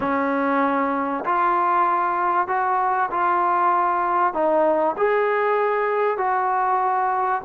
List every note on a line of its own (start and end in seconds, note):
0.00 1.24 C#4
1.25 2.47 F4
2.47 3.09 F#4
3.11 4.33 F4
4.33 4.95 D#4
4.97 6.17 G#4
6.17 7.41 F#4